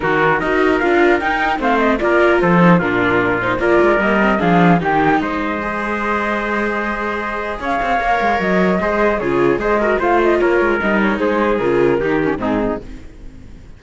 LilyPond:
<<
  \new Staff \with { instrumentName = "flute" } { \time 4/4 \tempo 4 = 150 ais'4 dis''4 f''4 g''4 | f''8 dis''8 d''4 c''4 ais'4~ | ais'8 c''8 d''4 dis''4 f''4 | g''4 dis''2.~ |
dis''2. f''4~ | f''4 dis''2 cis''4 | dis''4 f''8 dis''8 cis''4 dis''8 cis''8 | c''4 ais'2 gis'4 | }
  \new Staff \with { instrumentName = "trumpet" } { \time 4/4 fis'4 ais'2. | c''4 ais'4 a'4 f'4~ | f'4 ais'2 gis'4 | g'4 c''2.~ |
c''2. cis''4~ | cis''2 c''4 gis'4 | c''8 ais'8 c''4 ais'2 | gis'2 g'4 dis'4 | }
  \new Staff \with { instrumentName = "viola" } { \time 4/4 dis'4 fis'4 f'4 dis'4 | c'4 f'4. dis'8 d'4~ | d'8 dis'8 f'4 ais8 c'8 d'4 | dis'2 gis'2~ |
gis'1 | ais'2 gis'4 f'4 | gis'8 fis'8 f'2 dis'4~ | dis'4 f'4 dis'8 cis'8 c'4 | }
  \new Staff \with { instrumentName = "cello" } { \time 4/4 dis4 dis'4 d'4 dis'4 | a4 ais4 f4 ais,4~ | ais,4 ais8 gis8 g4 f4 | dis4 gis2.~ |
gis2. cis'8 c'8 | ais8 gis8 fis4 gis4 cis4 | gis4 a4 ais8 gis8 g4 | gis4 cis4 dis4 gis,4 | }
>>